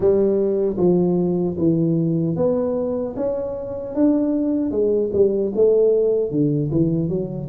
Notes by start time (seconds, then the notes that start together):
0.00 G3
0.77 F3
1.58 E3
2.36 B3
3.16 C#4
3.95 D4
4.71 G#3
5.12 G3
5.55 A3
6.31 D3
6.71 E3
7.08 F#3